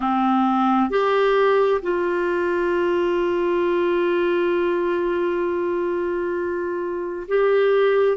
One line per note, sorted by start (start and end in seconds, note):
0.00 0.90 C4
0.90 1.81 G4
1.81 7.27 F4
7.28 8.17 G4